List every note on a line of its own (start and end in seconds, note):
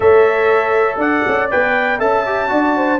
0.00 0.97 A3
0.00 1.50 A4
0.00 0.99 C#5
0.00 0.98 E5
0.97 1.22 D4
0.97 1.99 D5
0.97 1.49 F#5
1.27 1.52 C#4
1.50 2.01 B3
1.50 1.98 B4
1.50 1.99 G5
1.98 2.51 C#4
1.98 2.23 A4
1.98 2.49 E5
1.98 2.99 A5
2.25 2.48 G4
2.48 3.00 D4
2.48 2.98 F#4
2.48 2.76 D5
2.76 3.00 C5